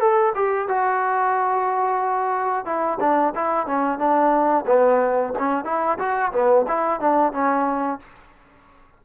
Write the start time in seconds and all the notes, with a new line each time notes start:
0.00 A4
0.35 G4
0.68 F#4
2.65 E4
3.01 D4
3.35 E4
3.67 C#4
3.99 D4
4.67 B3
5.39 C#4
5.65 E4
5.99 F#4
6.32 B3
6.68 E4
7.00 D4
7.33 C#4